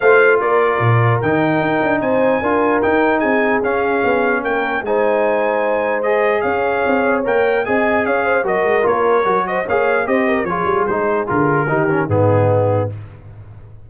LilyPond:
<<
  \new Staff \with { instrumentName = "trumpet" } { \time 4/4 \tempo 4 = 149 f''4 d''2 g''4~ | g''4 gis''2 g''4 | gis''4 f''2 g''4 | gis''2. dis''4 |
f''2 g''4 gis''4 | f''4 dis''4 cis''4. dis''8 | f''4 dis''4 cis''4 c''4 | ais'2 gis'2 | }
  \new Staff \with { instrumentName = "horn" } { \time 4/4 c''4 ais'2.~ | ais'4 c''4 ais'2 | gis'2. ais'4 | c''1 |
cis''2. dis''4 | cis''8 c''8 ais'2~ ais'8 c''8 | cis''4 c''8 ais'8 gis'2~ | gis'4 g'4 dis'2 | }
  \new Staff \with { instrumentName = "trombone" } { \time 4/4 f'2. dis'4~ | dis'2 f'4 dis'4~ | dis'4 cis'2. | dis'2. gis'4~ |
gis'2 ais'4 gis'4~ | gis'4 fis'4 f'4 fis'4 | gis'4 g'4 f'4 dis'4 | f'4 dis'8 cis'8 b2 | }
  \new Staff \with { instrumentName = "tuba" } { \time 4/4 a4 ais4 ais,4 dis4 | dis'8 d'8 c'4 d'4 dis'4 | c'4 cis'4 b4 ais4 | gis1 |
cis'4 c'4 ais4 c'4 | cis'4 fis8 gis8 ais4 fis4 | ais4 c'4 f8 g8 gis4 | d4 dis4 gis,2 | }
>>